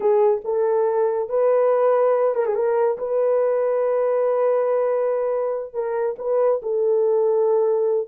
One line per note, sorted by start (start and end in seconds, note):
0.00 0.41 G#4
0.44 1.29 A4
1.29 2.35 B4
2.35 2.45 A#4
2.45 2.55 G#4
2.55 2.97 A#4
2.98 5.73 B4
5.73 6.16 A#4
6.18 6.61 B4
6.62 8.08 A4